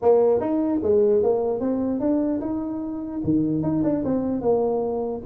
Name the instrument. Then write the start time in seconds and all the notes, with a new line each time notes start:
tuba
0.02 A#3
0.40 D#4
0.83 G#3
1.22 A#3
1.60 C4
2.00 D4
2.40 D#4
3.24 D#3
3.62 D#4
3.83 D4
4.04 C4
4.41 A#3